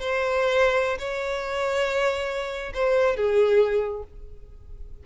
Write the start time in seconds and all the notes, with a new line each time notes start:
0.00 C5
0.99 C#5
2.74 C5
3.16 G#4